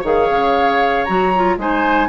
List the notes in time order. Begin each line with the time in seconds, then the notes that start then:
0.00 D#3 G#4 C#5 F5
0.29 C#3
1.04 F#3 F#4 A#5
1.35 F4
1.57 G#3 D#4 C5 G#5